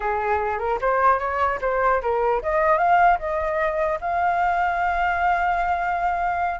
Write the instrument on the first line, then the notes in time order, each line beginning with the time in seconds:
flute
0.00 G#4
0.58 A#4
0.81 C5
1.19 C#5
1.61 C5
2.02 A#4
2.42 D#5
2.78 F5
3.18 D#5
4.00 F5